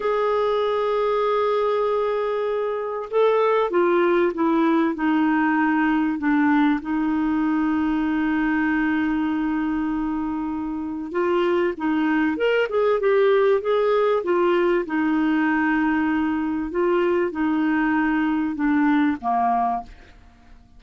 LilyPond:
\new Staff \with { instrumentName = "clarinet" } { \time 4/4 \tempo 4 = 97 gis'1~ | gis'4 a'4 f'4 e'4 | dis'2 d'4 dis'4~ | dis'1~ |
dis'2 f'4 dis'4 | ais'8 gis'8 g'4 gis'4 f'4 | dis'2. f'4 | dis'2 d'4 ais4 | }